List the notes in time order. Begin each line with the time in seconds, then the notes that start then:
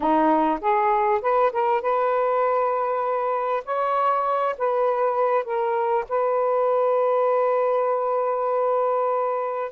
0.00 D#4
0.60 G#4
1.21 B4
1.52 A#4
1.81 B4
3.64 C#5
4.58 B4
5.44 A#4
6.08 B4